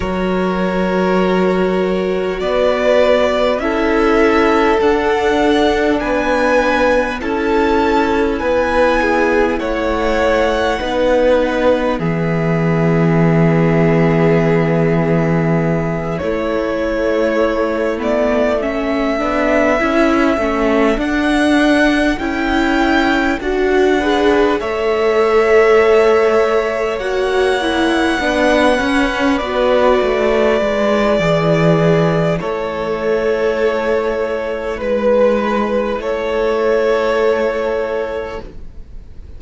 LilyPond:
<<
  \new Staff \with { instrumentName = "violin" } { \time 4/4 \tempo 4 = 50 cis''2 d''4 e''4 | fis''4 gis''4 a''4 gis''4 | fis''2 e''2~ | e''4. cis''4. d''8 e''8~ |
e''4. fis''4 g''4 fis''8~ | fis''8 e''2 fis''4.~ | fis''8 d''2~ d''8 cis''4~ | cis''4 b'4 cis''2 | }
  \new Staff \with { instrumentName = "violin" } { \time 4/4 ais'2 b'4 a'4~ | a'4 b'4 a'4 b'8 gis'8 | cis''4 b'4 gis'2~ | gis'4. e'2 a'8~ |
a'1 | b'8 cis''2. b'8~ | b'2 gis'4 a'4~ | a'4 b'4 a'2 | }
  \new Staff \with { instrumentName = "viola" } { \time 4/4 fis'2. e'4 | d'2 e'2~ | e'4 dis'4 b2~ | b4. a4. b8 cis'8 |
d'8 e'8 cis'8 d'4 e'4 fis'8 | gis'8 a'2 fis'8 e'8 d'8 | cis'8 fis'4 e'2~ e'8~ | e'1 | }
  \new Staff \with { instrumentName = "cello" } { \time 4/4 fis2 b4 cis'4 | d'4 b4 cis'4 b4 | a4 b4 e2~ | e4. a2~ a8 |
b8 cis'8 a8 d'4 cis'4 d'8~ | d'8 a2 ais4 b8 | cis'8 b8 a8 gis8 e4 a4~ | a4 gis4 a2 | }
>>